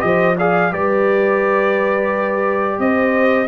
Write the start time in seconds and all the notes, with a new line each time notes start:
0.00 F3 G4 C5 D#5
0.37 G#4 D5 F5
0.71 G3 G4 B4 D5
2.79 C4 C5 D#5